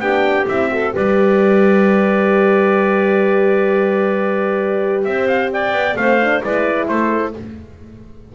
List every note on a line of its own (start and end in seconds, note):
0.00 0.46 B3
0.00 0.48 D4
0.00 0.71 G4
0.00 0.47 G5
0.48 0.95 C4
0.48 0.70 E4
0.48 0.94 E5
0.70 0.93 F#4
0.70 0.95 A4
0.93 5.05 G3
0.93 5.97 G4
0.93 5.07 B4
0.93 5.05 D5
5.05 5.72 C4
5.05 5.53 C5
5.05 5.28 E5
5.28 5.51 F5
5.53 5.98 D5
5.53 5.97 G5
5.72 5.95 B3
5.96 6.42 A3
5.96 6.21 C4
5.96 6.44 C5
5.96 6.42 F5
6.21 6.43 D4
6.43 6.89 G#3
6.43 7.35 E4
6.43 6.88 B4
6.43 6.88 D5
6.88 7.35 A3
6.88 7.34 A4
6.88 7.34 C5